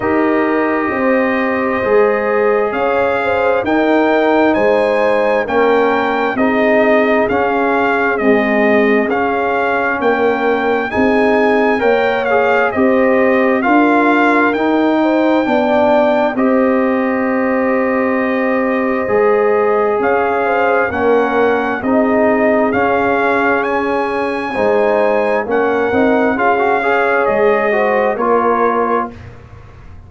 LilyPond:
<<
  \new Staff \with { instrumentName = "trumpet" } { \time 4/4 \tempo 4 = 66 dis''2. f''4 | g''4 gis''4 g''4 dis''4 | f''4 dis''4 f''4 g''4 | gis''4 g''8 f''8 dis''4 f''4 |
g''2 dis''2~ | dis''2 f''4 fis''4 | dis''4 f''4 gis''2 | fis''4 f''4 dis''4 cis''4 | }
  \new Staff \with { instrumentName = "horn" } { \time 4/4 ais'4 c''2 cis''8 c''8 | ais'4 c''4 ais'4 gis'4~ | gis'2. ais'4 | gis'4 cis''4 c''4 ais'4~ |
ais'8 c''8 d''4 c''2~ | c''2 cis''8 c''8 ais'4 | gis'2. c''4 | ais'4 gis'8 cis''4 c''8 ais'4 | }
  \new Staff \with { instrumentName = "trombone" } { \time 4/4 g'2 gis'2 | dis'2 cis'4 dis'4 | cis'4 gis4 cis'2 | dis'4 ais'8 gis'8 g'4 f'4 |
dis'4 d'4 g'2~ | g'4 gis'2 cis'4 | dis'4 cis'2 dis'4 | cis'8 dis'8 f'16 fis'16 gis'4 fis'8 f'4 | }
  \new Staff \with { instrumentName = "tuba" } { \time 4/4 dis'4 c'4 gis4 cis'4 | dis'4 gis4 ais4 c'4 | cis'4 c'4 cis'4 ais4 | c'4 ais4 c'4 d'4 |
dis'4 b4 c'2~ | c'4 gis4 cis'4 ais4 | c'4 cis'2 gis4 | ais8 c'8 cis'4 gis4 ais4 | }
>>